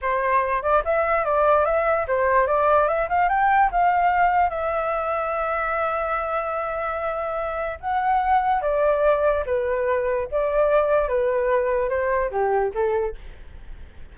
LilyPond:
\new Staff \with { instrumentName = "flute" } { \time 4/4 \tempo 4 = 146 c''4. d''8 e''4 d''4 | e''4 c''4 d''4 e''8 f''8 | g''4 f''2 e''4~ | e''1~ |
e''2. fis''4~ | fis''4 d''2 b'4~ | b'4 d''2 b'4~ | b'4 c''4 g'4 a'4 | }